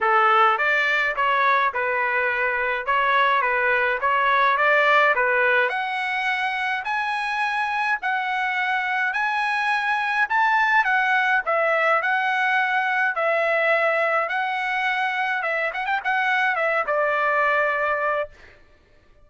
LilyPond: \new Staff \with { instrumentName = "trumpet" } { \time 4/4 \tempo 4 = 105 a'4 d''4 cis''4 b'4~ | b'4 cis''4 b'4 cis''4 | d''4 b'4 fis''2 | gis''2 fis''2 |
gis''2 a''4 fis''4 | e''4 fis''2 e''4~ | e''4 fis''2 e''8 fis''16 g''16 | fis''4 e''8 d''2~ d''8 | }